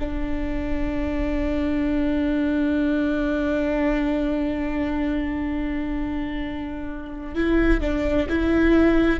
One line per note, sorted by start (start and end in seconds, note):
0.00 7.35 D4
7.35 7.81 E4
7.81 8.27 D4
8.29 9.20 E4